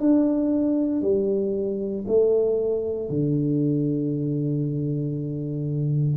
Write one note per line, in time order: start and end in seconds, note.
0.00 1.02 D4
1.02 2.05 G3
2.08 3.09 A3
3.09 6.17 D3